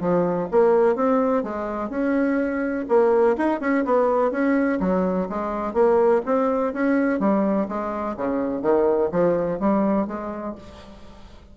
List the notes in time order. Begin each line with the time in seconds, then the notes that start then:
0.00 F3
0.51 A#3
0.95 C4
1.43 G#3
1.89 C#4
2.88 A#3
3.37 D#4
3.60 C#4
3.84 B3
4.31 C#4
4.80 F#3
5.29 G#3
5.73 A#3
6.25 C4
6.73 C#4
7.19 G3
7.68 G#3
8.16 C#3
8.61 D#3
9.11 F3
9.59 G3
10.07 G#3